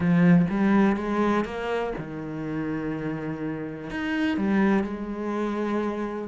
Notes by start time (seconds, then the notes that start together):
0.00 F3
0.50 G3
0.96 G#3
1.45 A#3
1.98 D#3
3.90 D#4
4.37 G3
4.83 G#3